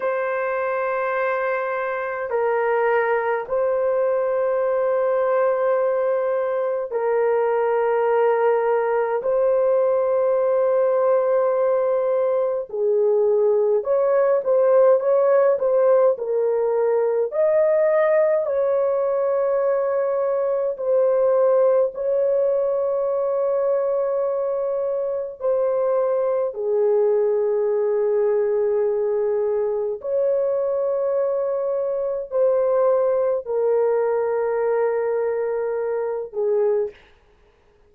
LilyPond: \new Staff \with { instrumentName = "horn" } { \time 4/4 \tempo 4 = 52 c''2 ais'4 c''4~ | c''2 ais'2 | c''2. gis'4 | cis''8 c''8 cis''8 c''8 ais'4 dis''4 |
cis''2 c''4 cis''4~ | cis''2 c''4 gis'4~ | gis'2 cis''2 | c''4 ais'2~ ais'8 gis'8 | }